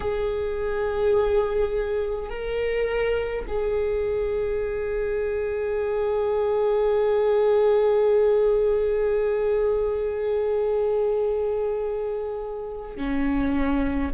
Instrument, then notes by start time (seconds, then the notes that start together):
viola
0.00 G#4
2.29 A#4
3.47 G#4
12.97 C#4